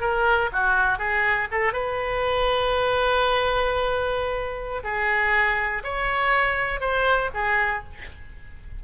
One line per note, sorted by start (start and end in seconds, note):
0.00 0.50 A#4
0.52 0.98 F#4
0.98 1.48 G#4
1.51 1.72 A4
1.72 4.82 B4
4.83 5.82 G#4
5.83 6.80 C#5
6.80 7.30 C5
7.33 7.83 G#4